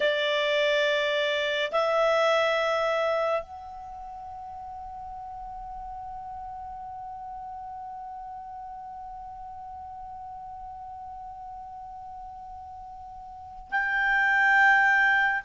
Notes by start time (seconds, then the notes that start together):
0.00 D5
1.72 E5
3.42 F#5
13.71 G5